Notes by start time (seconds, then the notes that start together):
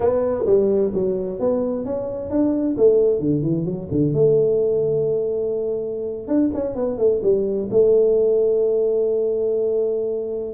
0.00 B3
0.46 G3
0.94 F#3
1.39 B3
1.85 C#4
2.30 D4
2.77 A3
3.19 D3
3.42 E3
3.65 F#3
3.91 D3
4.13 A3
6.27 D4
6.54 C#4
6.75 B3
6.98 A3
7.22 G3
7.70 A3